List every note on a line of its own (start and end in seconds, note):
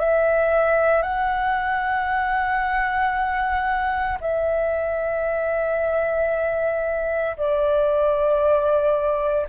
0.00 1.02 E5
1.02 4.18 F#5
4.21 7.37 E5
7.37 9.48 D5